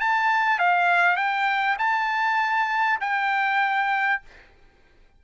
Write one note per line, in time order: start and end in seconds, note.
0.00 0.59 A5
0.59 1.16 F5
1.16 1.77 G5
1.78 2.99 A5
3.01 4.22 G5